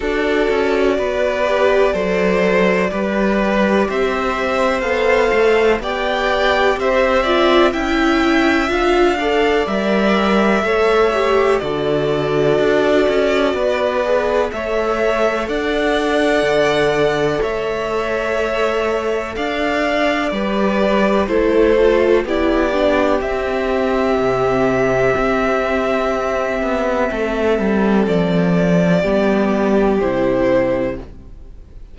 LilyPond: <<
  \new Staff \with { instrumentName = "violin" } { \time 4/4 \tempo 4 = 62 d''1 | e''4 f''4 g''4 e''4 | g''4 f''4 e''2 | d''2. e''4 |
fis''2 e''2 | f''4 d''4 c''4 d''4 | e''1~ | e''4 d''2 c''4 | }
  \new Staff \with { instrumentName = "violin" } { \time 4/4 a'4 b'4 c''4 b'4 | c''2 d''4 c''8 d''8 | e''4. d''4. cis''4 | a'2 b'4 cis''4 |
d''2 cis''2 | d''4 b'4 a'4 g'4~ | g'1 | a'2 g'2 | }
  \new Staff \with { instrumentName = "viola" } { \time 4/4 fis'4. g'8 a'4 g'4~ | g'4 a'4 g'4. f'8 | e'4 f'8 a'8 ais'4 a'8 g'8 | fis'2~ fis'8 gis'8 a'4~ |
a'1~ | a'4 g'4 e'8 f'8 e'8 d'8 | c'1~ | c'2 b4 e'4 | }
  \new Staff \with { instrumentName = "cello" } { \time 4/4 d'8 cis'8 b4 fis4 g4 | c'4 b8 a8 b4 c'4 | cis'4 d'4 g4 a4 | d4 d'8 cis'8 b4 a4 |
d'4 d4 a2 | d'4 g4 a4 b4 | c'4 c4 c'4. b8 | a8 g8 f4 g4 c4 | }
>>